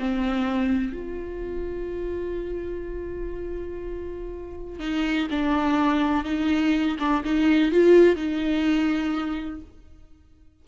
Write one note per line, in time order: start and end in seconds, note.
0.00 0.93 C4
0.93 4.80 F4
4.80 5.28 D#4
5.31 6.25 D4
6.25 6.98 D#4
7.00 7.24 D4
7.25 7.72 D#4
7.72 8.16 F4
8.16 9.62 D#4